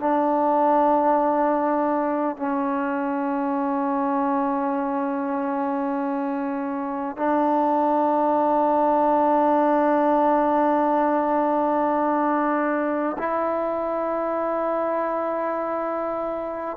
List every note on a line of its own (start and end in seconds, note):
0.00 2.37 D4
2.37 7.17 C#4
7.17 13.17 D4
13.18 16.77 E4